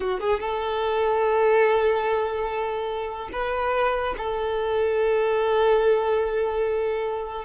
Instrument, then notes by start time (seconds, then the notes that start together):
violin
0.00 F#4
0.20 G#4
0.40 A4
3.32 B4
4.17 A4